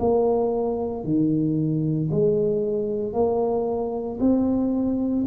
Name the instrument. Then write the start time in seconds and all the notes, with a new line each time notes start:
tuba
0.00 A#3
1.05 D#3
2.11 G#3
3.13 A#3
4.21 C4